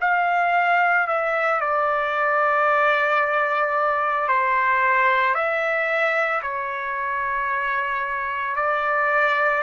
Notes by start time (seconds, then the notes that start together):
0.00 F5
1.07 E5
1.60 D5
4.28 C5
5.34 E5
6.42 C#5
8.56 D5